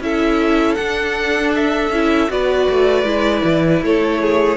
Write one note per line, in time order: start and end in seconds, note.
0.00 0.76 C#4
0.00 0.77 E4
0.00 2.31 A4
0.00 0.75 E5
0.75 1.90 D4
0.75 1.92 D4
0.75 1.50 F#5
1.55 2.31 E5
1.90 2.28 C#4
1.90 2.28 E4
2.28 2.68 B3
2.28 3.04 F#4
2.28 3.84 B4
2.28 3.82 D5
2.69 3.03 A3
3.03 3.41 G#3
3.03 4.56 E4
3.44 3.81 E3
3.82 4.57 A3
3.82 4.22 A4
3.82 4.57 C#5
4.22 4.57 G#4